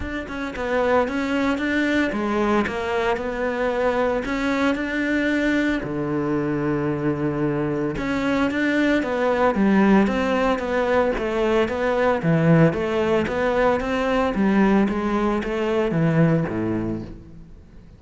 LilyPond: \new Staff \with { instrumentName = "cello" } { \time 4/4 \tempo 4 = 113 d'8 cis'8 b4 cis'4 d'4 | gis4 ais4 b2 | cis'4 d'2 d4~ | d2. cis'4 |
d'4 b4 g4 c'4 | b4 a4 b4 e4 | a4 b4 c'4 g4 | gis4 a4 e4 a,4 | }